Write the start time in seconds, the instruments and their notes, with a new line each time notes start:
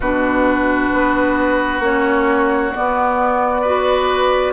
0.00 bassoon B2, clarinet D4, oboe F#4, flute B4
0.92 bassoon B3
1.79 bassoon A#3, clarinet C#4, flute C#5
2.74 clarinet B3, bassoon B3, flute D5
3.61 clarinet F#4, oboe B4